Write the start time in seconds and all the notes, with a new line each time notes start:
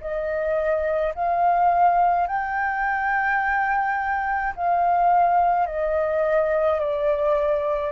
0.00 D#5
1.15 F5
2.27 G5
4.56 F5
5.66 D#5
6.79 D5